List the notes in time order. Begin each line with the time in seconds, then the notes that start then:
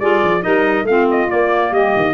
0.00 G3 F4 G#4 D5
0.24 F3
0.41 G3 D#4 A#4 D#5
0.84 A3 C4 F4 F5
1.11 D#5
1.29 A#3 D5
1.71 G3 G4 D#5
1.96 D#3